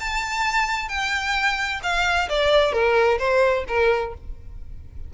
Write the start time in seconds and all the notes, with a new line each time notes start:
0.00 A5
0.89 G5
1.83 F5
2.29 D5
2.73 A#4
3.19 C5
3.68 A#4